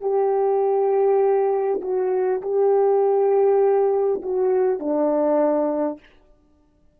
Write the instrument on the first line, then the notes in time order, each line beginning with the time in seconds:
horn
0.00 G4
1.81 F#4
2.42 G4
4.22 F#4
4.79 D4